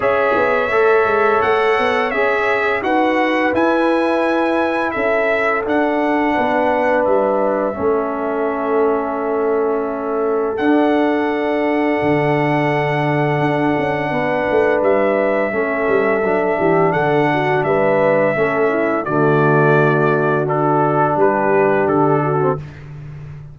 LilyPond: <<
  \new Staff \with { instrumentName = "trumpet" } { \time 4/4 \tempo 4 = 85 e''2 fis''4 e''4 | fis''4 gis''2 e''4 | fis''2 e''2~ | e''2. fis''4~ |
fis''1~ | fis''4 e''2. | fis''4 e''2 d''4~ | d''4 a'4 b'4 a'4 | }
  \new Staff \with { instrumentName = "horn" } { \time 4/4 cis''1 | b'2. a'4~ | a'4 b'2 a'4~ | a'1~ |
a'1 | b'2 a'4. g'8 | a'8 fis'8 b'4 a'8 e'8 fis'4~ | fis'2 g'4. fis'8 | }
  \new Staff \with { instrumentName = "trombone" } { \time 4/4 gis'4 a'2 gis'4 | fis'4 e'2. | d'2. cis'4~ | cis'2. d'4~ |
d'1~ | d'2 cis'4 d'4~ | d'2 cis'4 a4~ | a4 d'2~ d'8. c'16 | }
  \new Staff \with { instrumentName = "tuba" } { \time 4/4 cis'8 b8 a8 gis8 a8 b8 cis'4 | dis'4 e'2 cis'4 | d'4 b4 g4 a4~ | a2. d'4~ |
d'4 d2 d'8 cis'8 | b8 a8 g4 a8 g8 fis8 e8 | d4 g4 a4 d4~ | d2 g4 d4 | }
>>